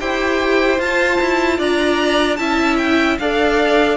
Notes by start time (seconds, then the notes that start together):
0.00 E4 G4 C5 G5
0.77 F4 A5
1.21 E4
1.58 D4 D5 A#5
2.36 C#4 E4 E5 A5
2.77 G5
3.19 D4 A4 D5 F5